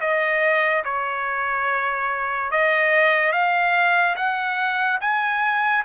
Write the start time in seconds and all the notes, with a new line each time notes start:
0.00 D#5
0.84 C#5
2.51 D#5
3.32 F5
4.16 F#5
5.00 G#5